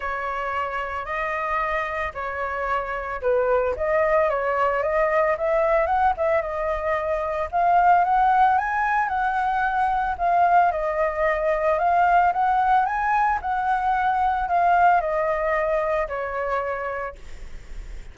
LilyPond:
\new Staff \with { instrumentName = "flute" } { \time 4/4 \tempo 4 = 112 cis''2 dis''2 | cis''2 b'4 dis''4 | cis''4 dis''4 e''4 fis''8 e''8 | dis''2 f''4 fis''4 |
gis''4 fis''2 f''4 | dis''2 f''4 fis''4 | gis''4 fis''2 f''4 | dis''2 cis''2 | }